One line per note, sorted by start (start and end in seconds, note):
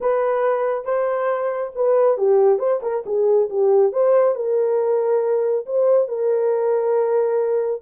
0.00 0.84 B4
0.84 1.71 C5
1.75 2.17 B4
2.17 2.58 G4
2.58 2.80 C5
2.82 3.04 A#4
3.06 3.49 G#4
3.49 3.92 G4
3.92 4.35 C5
4.35 5.65 A#4
5.66 6.08 C5
6.08 7.81 A#4